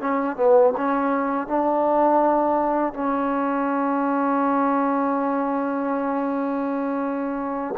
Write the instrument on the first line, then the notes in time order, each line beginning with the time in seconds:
trombone
0.00 C#4
0.36 B3
0.76 C#4
1.47 D4
2.93 C#4